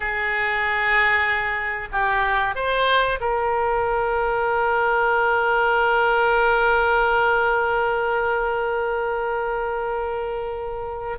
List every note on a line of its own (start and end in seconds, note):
0.00 1.88 G#4
1.91 2.55 G4
2.55 3.19 C5
3.20 11.18 A#4